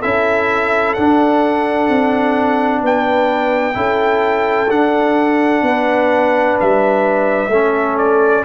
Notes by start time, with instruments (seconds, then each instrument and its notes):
0.00 tuba C#4, trombone E4, horn A4, trumpet E5
0.94 trombone D4, tuba D4, trumpet F#5
1.89 tuba C4
2.82 tuba B3, horn B4, trumpet G5
3.74 tuba C#4, trombone E4, horn A4
4.69 trombone D4, tuba D4, trumpet F#5
5.62 tuba B3, horn B4
6.60 tuba G3, trumpet E5
7.48 tuba A3, trombone C#4, horn A4
7.98 trumpet D5